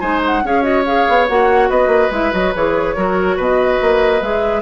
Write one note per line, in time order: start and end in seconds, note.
0.00 0.43 G#3
0.00 0.44 D#4
0.00 0.43 C5
0.00 0.21 G#5
0.26 0.47 F#5
0.43 1.06 C#4
0.43 0.62 G#4
0.43 1.69 C#5
0.43 0.63 F5
0.62 0.83 F#4
0.62 0.84 D#5
0.85 1.27 G#4
0.85 1.28 F5
1.08 1.29 B3
1.28 1.70 A#3
1.28 2.12 F#4
1.28 1.70 F#5
1.69 1.87 B3
1.69 2.95 B4
1.69 2.12 D#5
1.87 2.08 A#3
2.11 2.32 G#3
2.11 2.32 E4
2.11 2.33 E5
2.32 2.54 F#3
2.32 2.53 F#4
2.32 2.54 D#5
2.55 2.97 E3
2.55 2.96 G#4
2.55 3.39 C#5
2.96 3.37 F#3
2.96 4.21 F#4
2.96 3.37 A#4
3.37 3.79 B2
3.37 4.62 B4
3.37 4.23 D#5
3.81 4.22 A#3
4.21 4.62 G#3
4.21 4.62 G#4
4.21 4.62 E5